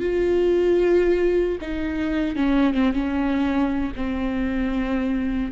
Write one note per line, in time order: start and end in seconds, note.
0.00 1.58 F4
1.61 2.36 D#4
2.36 2.74 C#4
2.74 2.93 C4
2.93 3.92 C#4
3.96 5.52 C4